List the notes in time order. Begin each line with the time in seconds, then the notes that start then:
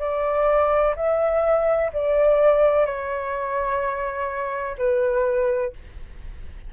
0.00 D5
0.96 E5
1.94 D5
2.86 C#5
4.78 B4